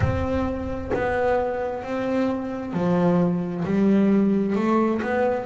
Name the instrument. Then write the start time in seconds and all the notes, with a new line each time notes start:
double bass
0.00 C4
0.93 B3
1.83 C4
2.73 F3
3.64 G3
4.55 A3
5.02 B3